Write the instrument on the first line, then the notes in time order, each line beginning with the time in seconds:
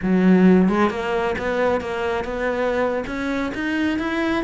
cello
0.02 F#3
0.69 G#3
0.90 A#3
1.38 B3
1.80 A#3
2.24 B3
3.06 C#4
3.54 D#4
3.98 E4